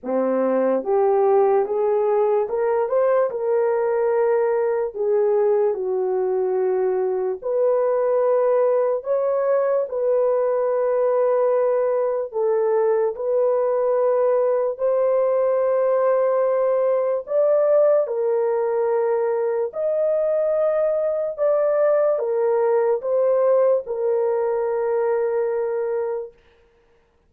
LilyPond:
\new Staff \with { instrumentName = "horn" } { \time 4/4 \tempo 4 = 73 c'4 g'4 gis'4 ais'8 c''8 | ais'2 gis'4 fis'4~ | fis'4 b'2 cis''4 | b'2. a'4 |
b'2 c''2~ | c''4 d''4 ais'2 | dis''2 d''4 ais'4 | c''4 ais'2. | }